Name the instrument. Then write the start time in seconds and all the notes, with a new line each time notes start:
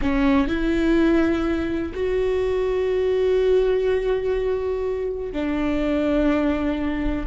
viola
0.01 C#4
0.47 E4
1.94 F#4
5.32 D4